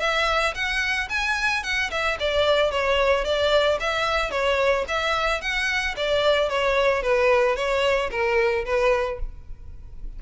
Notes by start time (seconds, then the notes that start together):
0.00 E5
0.55 F#5
1.09 G#5
1.63 F#5
1.91 E5
2.20 D5
2.71 C#5
3.24 D5
3.80 E5
4.31 C#5
4.88 E5
5.41 F#5
5.96 D5
6.49 C#5
7.02 B4
7.56 C#5
8.11 A#4
8.65 B4